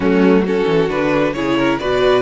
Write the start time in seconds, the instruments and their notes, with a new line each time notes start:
0.00 cello F#3, viola A3, violin C#4 F#4
0.44 viola C#4, violin F#4 A4
0.67 cello E3
0.89 cello D3, viola D4, violin B4
1.33 cello C#3, viola E4, violin G#4 C#5
1.57 violin A#4
1.78 cello B2, viola F#4, violin B4 D5